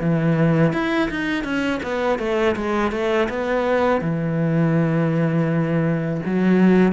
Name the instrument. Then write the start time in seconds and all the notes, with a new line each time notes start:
cello
0.00 E3
0.73 E4
1.10 D#4
1.44 C#4
1.82 B3
2.19 A3
2.56 G#3
2.91 A3
3.29 B3
4.01 E3
6.25 F#3